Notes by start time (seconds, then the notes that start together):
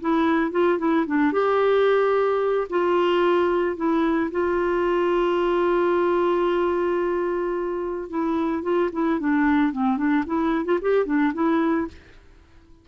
0.00 E4
0.51 F4
0.78 E4
1.06 D4
1.32 G4
2.69 F4
3.76 E4
4.31 F4
8.09 E4
8.62 F4
8.92 E4
9.19 D4
9.72 C4
9.97 D4
10.26 E4
10.65 F4
10.81 G4
11.05 D4
11.33 E4